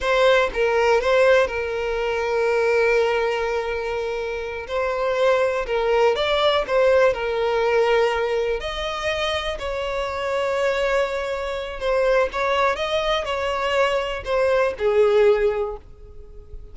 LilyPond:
\new Staff \with { instrumentName = "violin" } { \time 4/4 \tempo 4 = 122 c''4 ais'4 c''4 ais'4~ | ais'1~ | ais'4. c''2 ais'8~ | ais'8 d''4 c''4 ais'4.~ |
ais'4. dis''2 cis''8~ | cis''1 | c''4 cis''4 dis''4 cis''4~ | cis''4 c''4 gis'2 | }